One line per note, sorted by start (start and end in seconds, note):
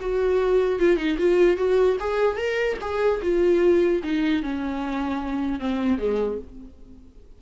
0.00 0.79 F#4
0.79 0.97 F4
0.97 1.17 D#4
1.18 1.57 F4
1.57 1.97 F#4
1.99 2.37 G#4
2.37 2.77 A#4
2.81 3.21 G#4
3.22 4.02 F4
4.03 4.42 D#4
4.42 5.59 C#4
5.59 5.98 C4
5.98 6.38 G#3